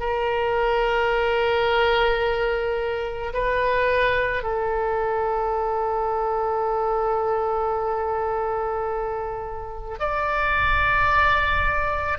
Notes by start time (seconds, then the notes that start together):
0.00 A#4
3.34 B4
4.43 A4
10.00 D5